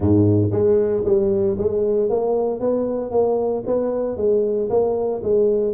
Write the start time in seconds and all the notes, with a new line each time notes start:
0.00 G#2
0.51 G#3
1.04 G3
1.58 G#3
2.09 A#3
2.60 B3
3.11 A#3
3.66 B3
4.16 G#3
4.69 A#3
5.23 G#3